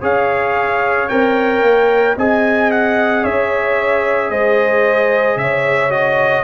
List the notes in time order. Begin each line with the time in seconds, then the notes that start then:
0.00 C#4 G#4 C#5 F5
1.09 C4 A#4 G5
1.62 A#3
2.17 C4 G#4 D#5 G#5
2.71 F#5
3.23 C#4 C#5 E5
4.30 G#3 C5 D#5
5.37 C#3 C#5 E5
5.90 F#4 D#5